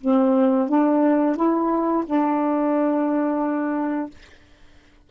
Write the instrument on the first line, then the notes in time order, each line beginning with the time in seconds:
saxophone
0.00 C4
0.68 D4
1.36 E4
2.05 D4